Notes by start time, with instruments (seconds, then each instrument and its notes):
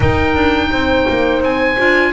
0.00 double bass D#4, clarinet D#4, horn A#4, oboe G5
0.34 double bass D4
0.70 double bass C4, horn C5
1.09 double bass A#3
1.41 double bass C4, oboe G#5
1.77 double bass D4, clarinet F4